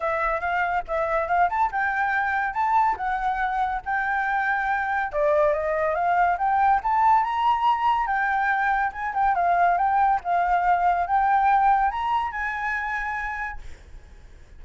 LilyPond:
\new Staff \with { instrumentName = "flute" } { \time 4/4 \tempo 4 = 141 e''4 f''4 e''4 f''8 a''8 | g''2 a''4 fis''4~ | fis''4 g''2. | d''4 dis''4 f''4 g''4 |
a''4 ais''2 g''4~ | g''4 gis''8 g''8 f''4 g''4 | f''2 g''2 | ais''4 gis''2. | }